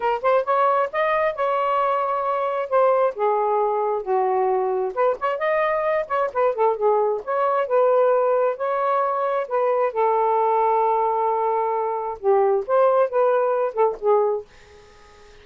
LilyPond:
\new Staff \with { instrumentName = "saxophone" } { \time 4/4 \tempo 4 = 133 ais'8 c''8 cis''4 dis''4 cis''4~ | cis''2 c''4 gis'4~ | gis'4 fis'2 b'8 cis''8 | dis''4. cis''8 b'8 a'8 gis'4 |
cis''4 b'2 cis''4~ | cis''4 b'4 a'2~ | a'2. g'4 | c''4 b'4. a'8 gis'4 | }